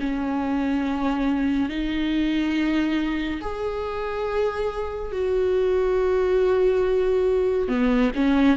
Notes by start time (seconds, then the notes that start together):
0.00 C#4
1.69 D#4
3.41 G#4
5.12 F#4
7.68 B3
8.15 C#4